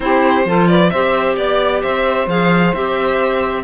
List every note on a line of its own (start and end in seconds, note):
0.00 0.45 C4
0.00 0.44 E4
0.00 0.47 G4
0.00 0.67 C5
0.45 0.90 F3
0.45 0.91 F4
0.45 0.68 A4
0.67 0.91 B4
0.67 0.89 D5
0.89 1.37 C4
0.89 2.28 G4
0.89 1.36 C5
0.89 1.35 E5
1.36 1.82 B3
1.36 1.82 D5
1.82 2.26 C4
1.82 3.64 C5
1.82 2.28 E5
2.26 2.72 F3
2.26 2.74 G#4
2.26 2.74 F5
2.74 3.64 C4
2.74 3.64 G4
2.74 3.64 E5